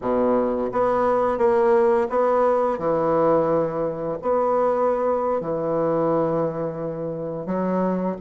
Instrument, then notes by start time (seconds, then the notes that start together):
bassoon
0.01 B2
0.72 B3
1.38 A#3
2.09 B3
2.78 E3
4.22 B3
5.41 E3
7.46 F#3